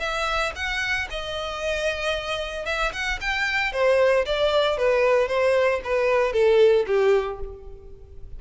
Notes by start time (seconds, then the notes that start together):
0.00 E5
0.56 F#5
1.11 D#5
2.66 E5
2.93 F#5
3.21 G5
3.73 C5
4.26 D5
4.78 B4
5.28 C5
5.84 B4
6.33 A4
6.87 G4